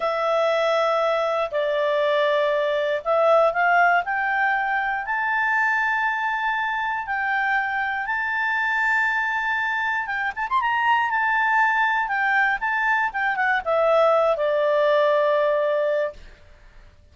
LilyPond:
\new Staff \with { instrumentName = "clarinet" } { \time 4/4 \tempo 4 = 119 e''2. d''4~ | d''2 e''4 f''4 | g''2 a''2~ | a''2 g''2 |
a''1 | g''8 a''16 c'''16 ais''4 a''2 | g''4 a''4 g''8 fis''8 e''4~ | e''8 d''2.~ d''8 | }